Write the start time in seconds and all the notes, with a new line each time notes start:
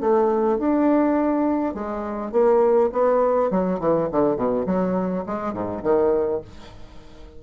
0.00 A3
0.59 D4
1.74 G#3
2.32 A#3
2.92 B3
3.50 F#3
3.79 E3
4.12 D3
4.36 B2
4.66 F#3
5.26 G#3
5.53 G#2
5.83 D#3